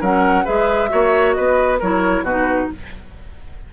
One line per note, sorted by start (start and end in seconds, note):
0.00 0.46 F#3
0.00 0.45 C#4
0.00 0.44 A#4
0.00 0.46 F#5
0.44 0.92 G#3
0.44 0.88 G#4
0.44 0.89 B4
0.44 1.32 E5
0.88 1.37 A#3
0.88 1.78 F#4
0.88 1.36 C#5
1.32 1.81 B3
1.32 1.79 B4
1.32 1.77 D#5
1.79 2.22 F#3
1.79 2.27 E4
1.79 2.24 A#4
1.79 2.25 C#5
2.22 2.67 B2
2.22 2.68 F#4
2.22 2.70 B4
2.28 2.73 D#4